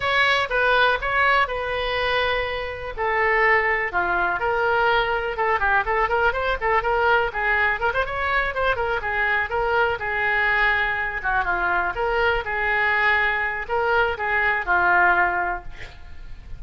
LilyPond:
\new Staff \with { instrumentName = "oboe" } { \time 4/4 \tempo 4 = 123 cis''4 b'4 cis''4 b'4~ | b'2 a'2 | f'4 ais'2 a'8 g'8 | a'8 ais'8 c''8 a'8 ais'4 gis'4 |
ais'16 c''16 cis''4 c''8 ais'8 gis'4 ais'8~ | ais'8 gis'2~ gis'8 fis'8 f'8~ | f'8 ais'4 gis'2~ gis'8 | ais'4 gis'4 f'2 | }